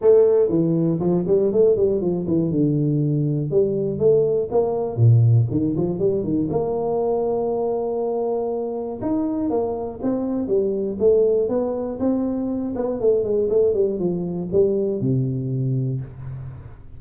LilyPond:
\new Staff \with { instrumentName = "tuba" } { \time 4/4 \tempo 4 = 120 a4 e4 f8 g8 a8 g8 | f8 e8 d2 g4 | a4 ais4 ais,4 dis8 f8 | g8 dis8 ais2.~ |
ais2 dis'4 ais4 | c'4 g4 a4 b4 | c'4. b8 a8 gis8 a8 g8 | f4 g4 c2 | }